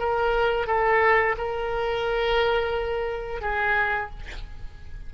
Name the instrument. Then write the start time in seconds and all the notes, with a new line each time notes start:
oboe
0.00 A#4
0.67 A4
1.38 A#4
3.42 G#4